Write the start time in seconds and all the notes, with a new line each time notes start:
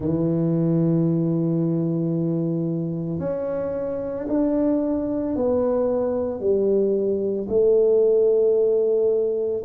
0.00 E3
3.19 C#4
4.28 D4
5.35 B3
6.40 G3
7.48 A3